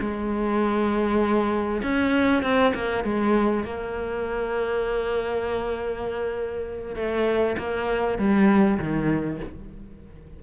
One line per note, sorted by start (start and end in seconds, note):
0.00 1.82 G#3
1.82 2.42 C#4
2.42 2.73 C4
2.74 3.04 A#3
3.04 3.64 G#3
3.64 6.95 A#3
6.95 7.56 A3
7.58 8.18 A#3
8.18 8.79 G3
8.79 9.39 D#3